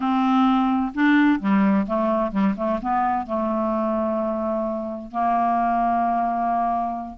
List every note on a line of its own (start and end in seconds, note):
0.00 0.92 C4
0.94 1.39 D4
1.39 1.86 G3
1.86 2.31 A3
2.31 2.55 G3
2.56 2.80 A3
2.81 3.26 B3
3.26 5.11 A3
5.11 7.18 A#3